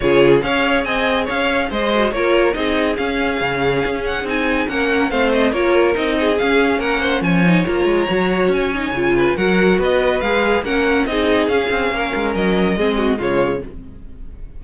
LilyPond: <<
  \new Staff \with { instrumentName = "violin" } { \time 4/4 \tempo 4 = 141 cis''4 f''4 gis''4 f''4 | dis''4 cis''4 dis''4 f''4~ | f''4. fis''8 gis''4 fis''4 | f''8 dis''8 cis''4 dis''4 f''4 |
fis''4 gis''4 ais''2 | gis''2 fis''4 dis''4 | f''4 fis''4 dis''4 f''4~ | f''4 dis''2 cis''4 | }
  \new Staff \with { instrumentName = "violin" } { \time 4/4 gis'4 cis''4 dis''4 cis''4 | c''4 ais'4 gis'2~ | gis'2. ais'4 | c''4 ais'4. gis'4. |
ais'8 c''8 cis''2.~ | cis''4. b'8 ais'4 b'4~ | b'4 ais'4 gis'2 | ais'2 gis'8 fis'8 f'4 | }
  \new Staff \with { instrumentName = "viola" } { \time 4/4 f'4 gis'2.~ | gis'8 fis'8 f'4 dis'4 cis'4~ | cis'2 dis'4 cis'4 | c'4 f'4 dis'4 cis'4~ |
cis'4. dis'8 f'4 fis'4~ | fis'8 dis'8 f'4 fis'2 | gis'4 cis'4 dis'4 cis'4~ | cis'2 c'4 gis4 | }
  \new Staff \with { instrumentName = "cello" } { \time 4/4 cis4 cis'4 c'4 cis'4 | gis4 ais4 c'4 cis'4 | cis4 cis'4 c'4 ais4 | a4 ais4 c'4 cis'4 |
ais4 f4 ais8 gis8 fis4 | cis'4 cis4 fis4 b4 | gis4 ais4 c'4 cis'8 c'8 | ais8 gis8 fis4 gis4 cis4 | }
>>